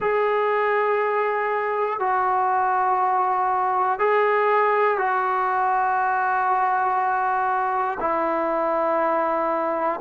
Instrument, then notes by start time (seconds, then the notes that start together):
trombone
0.00 G#4
2.00 F#4
3.99 G#4
4.98 F#4
8.00 E4